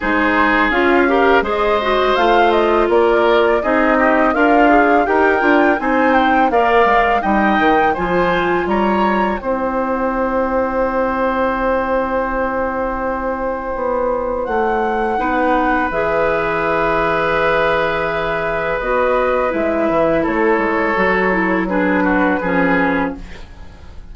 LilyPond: <<
  \new Staff \with { instrumentName = "flute" } { \time 4/4 \tempo 4 = 83 c''4 f''4 dis''4 f''8 dis''8 | d''4 dis''4 f''4 g''4 | gis''8 g''8 f''4 g''4 gis''4 | ais''4 g''2.~ |
g''1 | fis''2 e''2~ | e''2 dis''4 e''4 | cis''2 b'2 | }
  \new Staff \with { instrumentName = "oboe" } { \time 4/4 gis'4. ais'8 c''2 | ais'4 gis'8 g'8 f'4 ais'4 | c''4 d''4 dis''4 c''4 | cis''4 c''2.~ |
c''1~ | c''4 b'2.~ | b'1 | a'2 gis'8 fis'8 gis'4 | }
  \new Staff \with { instrumentName = "clarinet" } { \time 4/4 dis'4 f'8 g'8 gis'8 fis'8 f'4~ | f'4 dis'4 ais'8 gis'8 g'8 f'8 | dis'4 ais'4 dis'4 f'4~ | f'4 e'2.~ |
e'1~ | e'4 dis'4 gis'2~ | gis'2 fis'4 e'4~ | e'4 fis'8 e'8 d'4 cis'4 | }
  \new Staff \with { instrumentName = "bassoon" } { \time 4/4 gis4 cis'4 gis4 a4 | ais4 c'4 d'4 dis'8 d'8 | c'4 ais8 gis8 g8 dis8 f4 | g4 c'2.~ |
c'2. b4 | a4 b4 e2~ | e2 b4 gis8 e8 | a8 gis8 fis2 f4 | }
>>